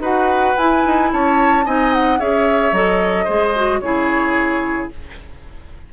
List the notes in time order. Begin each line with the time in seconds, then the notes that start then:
0.00 D#4 F#4 B4 F#5
0.58 E4 G#5
0.86 D#4
1.13 C#4 C#5 A5
1.66 C4 D#4 D#5 G#5
1.94 F#5
2.20 C#4 G#4 C#5 E5
2.73 F#3 A4 D#5
3.25 G#3 G#4 C5
3.56 F#4
3.81 C#3 E4 G#4 C#5